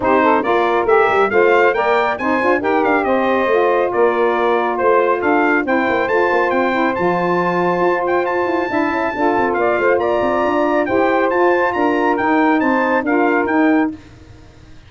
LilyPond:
<<
  \new Staff \with { instrumentName = "trumpet" } { \time 4/4 \tempo 4 = 138 c''4 d''4 e''4 f''4 | g''4 gis''4 g''8 f''8 dis''4~ | dis''4 d''2 c''4 | f''4 g''4 a''4 g''4 |
a''2~ a''8 g''8 a''4~ | a''2 f''4 ais''4~ | ais''4 g''4 a''4 ais''4 | g''4 a''4 f''4 g''4 | }
  \new Staff \with { instrumentName = "saxophone" } { \time 4/4 g'8 a'8 ais'2 c''4 | d''4 c''4 ais'4 c''4~ | c''4 ais'2 c''4 | a'4 c''2.~ |
c''1 | e''4 a'4 d''8 c''8 d''4~ | d''4 c''2 ais'4~ | ais'4 c''4 ais'2 | }
  \new Staff \with { instrumentName = "saxophone" } { \time 4/4 dis'4 f'4 g'4 f'4 | ais'4 dis'8 f'8 g'2 | f'1~ | f'4 e'4 f'4. e'8 |
f'1 | e'4 f'2.~ | f'4 g'4 f'2 | dis'2 f'4 dis'4 | }
  \new Staff \with { instrumentName = "tuba" } { \time 4/4 c'4 ais4 a8 g8 a4 | ais4 c'8 d'8 dis'8 d'8 c'4 | a4 ais2 a4 | d'4 c'8 ais8 a8 ais8 c'4 |
f2 f'4. e'8 | d'8 cis'8 d'8 c'8 ais8 a8 ais8 c'8 | d'4 e'4 f'4 d'4 | dis'4 c'4 d'4 dis'4 | }
>>